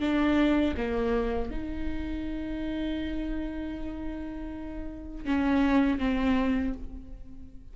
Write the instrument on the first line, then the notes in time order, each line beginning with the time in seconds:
viola
0.00 D4
0.77 A#3
1.51 D#4
5.25 C#4
5.99 C4